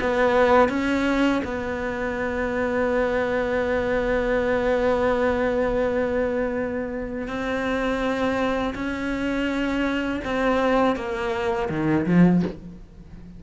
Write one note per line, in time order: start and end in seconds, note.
0.00 0.69 B3
0.69 1.42 C#4
1.44 7.27 B3
7.27 8.74 C4
8.74 10.21 C#4
10.24 10.96 C4
10.96 11.69 A#3
11.69 12.05 D#3
12.06 12.42 F3